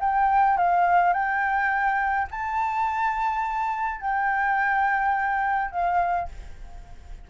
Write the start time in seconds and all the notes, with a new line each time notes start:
0.00 G5
0.57 F5
1.13 G5
2.31 A5
4.01 G5
5.71 F5